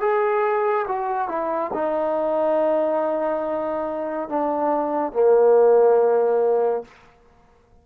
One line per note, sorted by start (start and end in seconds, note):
0.00 0.86 G#4
0.88 1.28 F#4
1.28 1.71 E4
1.73 4.29 D#4
4.29 5.13 D4
5.13 6.84 A#3